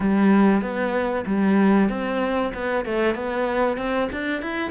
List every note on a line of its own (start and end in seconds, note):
0.00 0.61 G3
0.61 1.25 B3
1.26 1.89 G3
1.89 2.52 C4
2.54 2.84 B3
2.84 3.14 A3
3.14 3.77 B3
3.77 4.09 C4
4.12 4.42 D4
4.42 4.71 E4